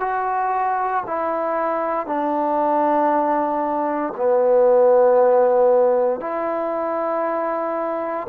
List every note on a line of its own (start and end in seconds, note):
0.00 1.03 F#4
1.07 2.06 E4
2.06 4.13 D4
4.16 6.20 B3
6.20 8.27 E4